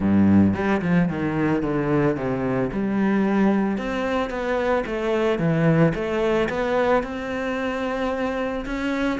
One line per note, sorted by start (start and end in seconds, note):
0.00 0.54 G2
0.54 0.81 G3
0.81 1.08 F3
1.08 1.62 D#3
1.62 2.16 D3
2.16 2.70 C3
2.72 3.77 G3
3.77 4.30 C4
4.30 4.84 B3
4.86 5.38 A3
5.38 5.92 E3
5.94 6.48 A3
6.49 7.03 B3
7.03 8.65 C4
8.65 9.19 C#4